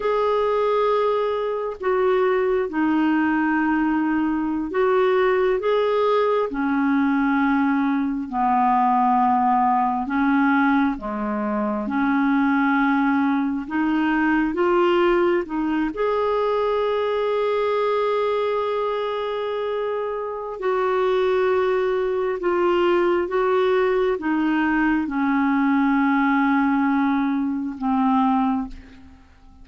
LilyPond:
\new Staff \with { instrumentName = "clarinet" } { \time 4/4 \tempo 4 = 67 gis'2 fis'4 dis'4~ | dis'4~ dis'16 fis'4 gis'4 cis'8.~ | cis'4~ cis'16 b2 cis'8.~ | cis'16 gis4 cis'2 dis'8.~ |
dis'16 f'4 dis'8 gis'2~ gis'16~ | gis'2. fis'4~ | fis'4 f'4 fis'4 dis'4 | cis'2. c'4 | }